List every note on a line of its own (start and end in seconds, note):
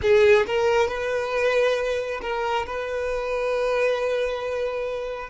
0.02 0.46 G#4
0.46 0.88 A#4
0.88 2.20 B4
2.21 2.66 A#4
2.66 5.29 B4